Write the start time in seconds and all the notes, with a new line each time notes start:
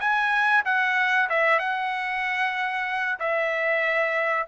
0.00 G#5
0.65 F#5
1.29 E5
1.59 F#5
3.19 E5